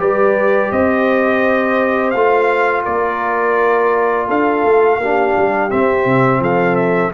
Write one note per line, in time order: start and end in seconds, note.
0.00 0.72 G3
0.00 2.14 G4
0.00 0.73 B4
0.00 0.72 D5
0.72 2.14 C4
0.72 2.85 C5
0.72 2.11 D#5
2.11 2.86 A3
2.11 5.02 F4
2.11 2.82 F5
2.85 4.29 A#3
2.85 4.28 A#4
2.85 4.28 D5
4.28 4.65 D4
4.28 4.99 A4
4.28 5.71 F5
4.65 4.99 A3
4.99 5.34 A#3
4.99 5.70 D4
4.99 6.42 G4
5.37 5.73 G3
5.70 7.13 C4
5.70 6.06 C4
5.70 6.42 E5
6.06 6.40 C3
6.40 7.11 F3
6.40 7.13 A4
6.40 6.76 F5
6.76 7.12 E5